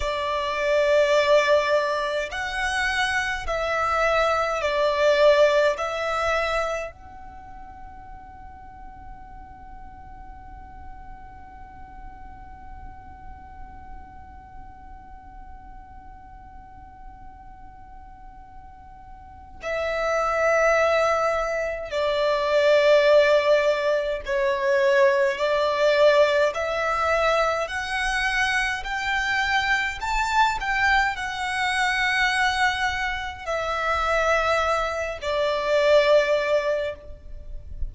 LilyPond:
\new Staff \with { instrumentName = "violin" } { \time 4/4 \tempo 4 = 52 d''2 fis''4 e''4 | d''4 e''4 fis''2~ | fis''1~ | fis''1~ |
fis''4 e''2 d''4~ | d''4 cis''4 d''4 e''4 | fis''4 g''4 a''8 g''8 fis''4~ | fis''4 e''4. d''4. | }